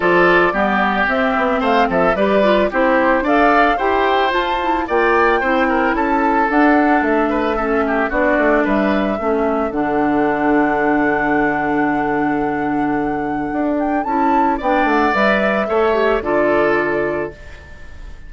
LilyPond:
<<
  \new Staff \with { instrumentName = "flute" } { \time 4/4 \tempo 4 = 111 d''2 e''4 f''8 e''8 | d''4 c''4 f''4 g''4 | a''4 g''2 a''4 | fis''4 e''2 d''4 |
e''2 fis''2~ | fis''1~ | fis''4. g''8 a''4 g''8 fis''8 | e''2 d''2 | }
  \new Staff \with { instrumentName = "oboe" } { \time 4/4 a'4 g'2 c''8 a'8 | b'4 g'4 d''4 c''4~ | c''4 d''4 c''8 ais'8 a'4~ | a'4. b'8 a'8 g'8 fis'4 |
b'4 a'2.~ | a'1~ | a'2. d''4~ | d''4 cis''4 a'2 | }
  \new Staff \with { instrumentName = "clarinet" } { \time 4/4 f'4 b4 c'2 | g'8 f'8 e'4 a'4 g'4 | f'8 e'8 f'4 e'2 | d'2 cis'4 d'4~ |
d'4 cis'4 d'2~ | d'1~ | d'2 e'4 d'4 | b'4 a'8 g'8 f'2 | }
  \new Staff \with { instrumentName = "bassoon" } { \time 4/4 f4 g4 c'8 b8 a8 f8 | g4 c'4 d'4 e'4 | f'4 ais4 c'4 cis'4 | d'4 a2 b8 a8 |
g4 a4 d2~ | d1~ | d4 d'4 cis'4 b8 a8 | g4 a4 d2 | }
>>